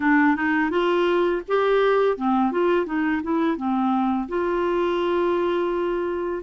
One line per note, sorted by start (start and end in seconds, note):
0.00 0.36 D4
0.36 0.70 D#4
0.70 1.42 F4
1.48 2.17 G4
2.17 2.51 C4
2.51 2.86 F4
2.86 3.21 D#4
3.22 3.56 E4
3.56 4.28 C4
4.28 6.43 F4